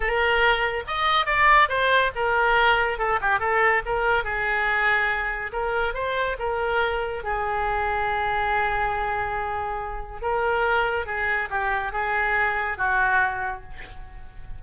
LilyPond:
\new Staff \with { instrumentName = "oboe" } { \time 4/4 \tempo 4 = 141 ais'2 dis''4 d''4 | c''4 ais'2 a'8 g'8 | a'4 ais'4 gis'2~ | gis'4 ais'4 c''4 ais'4~ |
ais'4 gis'2.~ | gis'1 | ais'2 gis'4 g'4 | gis'2 fis'2 | }